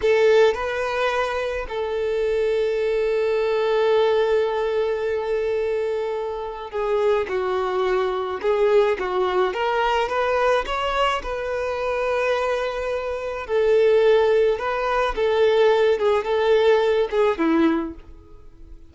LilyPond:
\new Staff \with { instrumentName = "violin" } { \time 4/4 \tempo 4 = 107 a'4 b'2 a'4~ | a'1~ | a'1 | gis'4 fis'2 gis'4 |
fis'4 ais'4 b'4 cis''4 | b'1 | a'2 b'4 a'4~ | a'8 gis'8 a'4. gis'8 e'4 | }